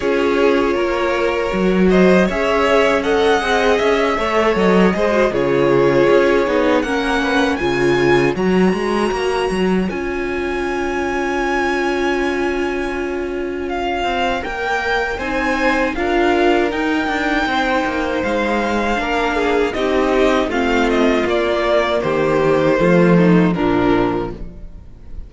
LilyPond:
<<
  \new Staff \with { instrumentName = "violin" } { \time 4/4 \tempo 4 = 79 cis''2~ cis''8 dis''8 e''4 | fis''4 e''4 dis''4 cis''4~ | cis''4 fis''4 gis''4 ais''4~ | ais''4 gis''2.~ |
gis''2 f''4 g''4 | gis''4 f''4 g''2 | f''2 dis''4 f''8 dis''8 | d''4 c''2 ais'4 | }
  \new Staff \with { instrumentName = "violin" } { \time 4/4 gis'4 ais'4. c''8 cis''4 | dis''4. cis''4 c''8 gis'4~ | gis'4 ais'8 b'8 cis''2~ | cis''1~ |
cis''1 | c''4 ais'2 c''4~ | c''4 ais'8 gis'8 g'4 f'4~ | f'4 g'4 f'8 dis'8 d'4 | }
  \new Staff \with { instrumentName = "viola" } { \time 4/4 f'2 fis'4 gis'4 | a'8 gis'4 a'4 gis'16 fis'16 f'4~ | f'8 dis'8 cis'4 f'4 fis'4~ | fis'4 f'2.~ |
f'2. ais'4 | dis'4 f'4 dis'2~ | dis'4 d'4 dis'4 c'4 | ais2 a4 f4 | }
  \new Staff \with { instrumentName = "cello" } { \time 4/4 cis'4 ais4 fis4 cis'4~ | cis'8 c'8 cis'8 a8 fis8 gis8 cis4 | cis'8 b8 ais4 cis4 fis8 gis8 | ais8 fis8 cis'2.~ |
cis'2~ cis'8 c'8 ais4 | c'4 d'4 dis'8 d'8 c'8 ais8 | gis4 ais4 c'4 a4 | ais4 dis4 f4 ais,4 | }
>>